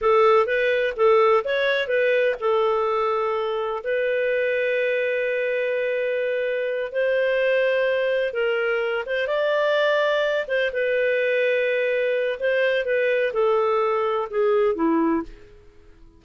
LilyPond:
\new Staff \with { instrumentName = "clarinet" } { \time 4/4 \tempo 4 = 126 a'4 b'4 a'4 cis''4 | b'4 a'2. | b'1~ | b'2~ b'8 c''4.~ |
c''4. ais'4. c''8 d''8~ | d''2 c''8 b'4.~ | b'2 c''4 b'4 | a'2 gis'4 e'4 | }